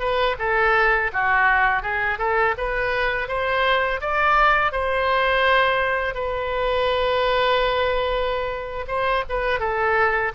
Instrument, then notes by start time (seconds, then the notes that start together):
oboe
0.00 B4
0.39 A4
1.13 F#4
1.83 G#4
2.19 A4
2.58 B4
3.29 C5
4.01 D5
4.73 C5
6.15 B4
8.88 C5
9.30 B4
9.60 A4